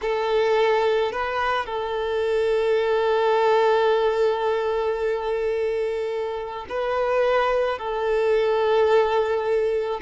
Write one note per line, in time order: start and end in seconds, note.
0.02 1.11 A4
1.11 1.66 B4
1.66 6.66 A4
6.69 7.78 B4
7.78 10.00 A4